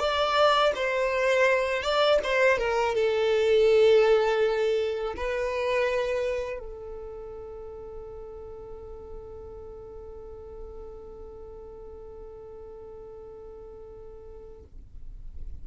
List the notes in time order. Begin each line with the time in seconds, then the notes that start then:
0.00 D5
0.75 C5
1.83 D5
2.25 C5
2.59 A#4
2.96 A4
5.17 B4
6.60 A4